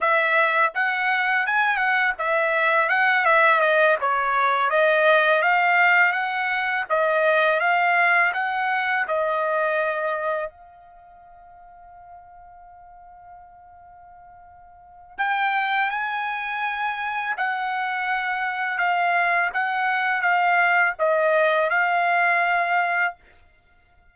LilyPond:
\new Staff \with { instrumentName = "trumpet" } { \time 4/4 \tempo 4 = 83 e''4 fis''4 gis''8 fis''8 e''4 | fis''8 e''8 dis''8 cis''4 dis''4 f''8~ | f''8 fis''4 dis''4 f''4 fis''8~ | fis''8 dis''2 f''4.~ |
f''1~ | f''4 g''4 gis''2 | fis''2 f''4 fis''4 | f''4 dis''4 f''2 | }